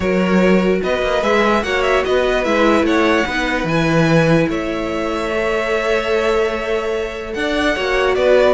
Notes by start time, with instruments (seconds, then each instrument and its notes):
0.00 cello F#3, viola F#4, violin A#4 C#5
0.81 cello B3, violin B4 D#5
1.02 cello A#3
1.21 cello G#3, viola G#4, violin E5
1.63 cello A#3, viola F#4, violin C#5 F#5
1.82 violin E5
2.05 cello B3, violin B4 D#5
2.44 cello G#3, viola E4, violin E5
2.82 cello A3, violin C#5 F#5
3.26 cello B3, viola D#4, violin B4
3.64 cello E3, violin G#5
3.70 viola E4
4.48 cello A3, violin C#5 E5
5.32 viola A4
7.33 cello D4, violin D5 F#5
7.74 cello A#3, viola F#4, violin C#5
8.14 cello B3, violin B4 D5